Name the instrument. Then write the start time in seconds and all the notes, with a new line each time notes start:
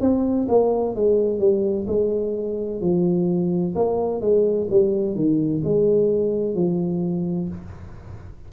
tuba
0.00 C4
0.48 A#3
0.95 G#3
1.38 G3
1.87 G#3
2.80 F3
3.75 A#3
4.20 G#3
4.70 G3
5.15 D#3
5.63 G#3
6.55 F3